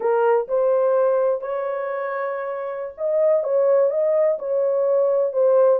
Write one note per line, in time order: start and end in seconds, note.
0.00 0.47 A#4
0.47 1.41 C5
1.41 2.94 C#5
2.97 3.43 D#5
3.43 3.90 C#5
3.90 4.37 D#5
4.39 5.33 C#5
5.33 5.79 C5